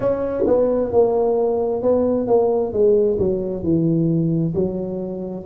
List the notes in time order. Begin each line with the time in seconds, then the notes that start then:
0.00 C#4
0.46 B3
0.92 A#3
1.82 B3
2.27 A#3
2.72 G#3
3.18 F#3
3.63 E3
4.54 F#3